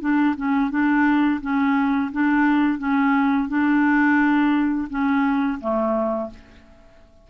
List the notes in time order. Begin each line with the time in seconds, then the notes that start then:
0.00 D4
0.36 C#4
0.70 D4
1.41 C#4
2.12 D4
2.78 C#4
3.48 D4
4.89 C#4
5.60 A3